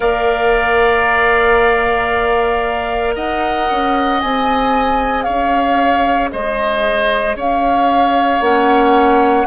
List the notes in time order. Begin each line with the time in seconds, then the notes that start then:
0.00 A#3 A#4 D5 F5
3.15 D#4 D#5 F#5
3.70 C#4
4.20 C4 G#4 G#5
5.23 C#4 C#5 F5
6.31 G#3 C5 D#5
7.36 C#4 C#5 F5
8.40 A#3 C#4 F#5